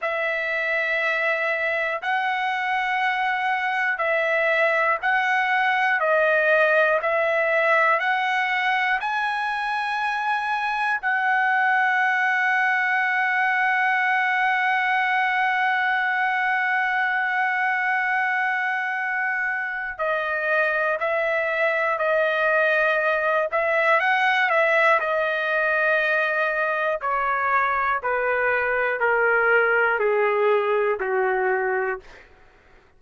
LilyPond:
\new Staff \with { instrumentName = "trumpet" } { \time 4/4 \tempo 4 = 60 e''2 fis''2 | e''4 fis''4 dis''4 e''4 | fis''4 gis''2 fis''4~ | fis''1~ |
fis''1 | dis''4 e''4 dis''4. e''8 | fis''8 e''8 dis''2 cis''4 | b'4 ais'4 gis'4 fis'4 | }